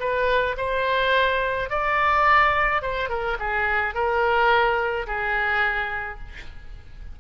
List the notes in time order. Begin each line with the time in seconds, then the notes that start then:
0.00 B4
0.57 C5
1.70 D5
2.82 C5
3.09 A#4
3.39 G#4
3.95 A#4
5.07 G#4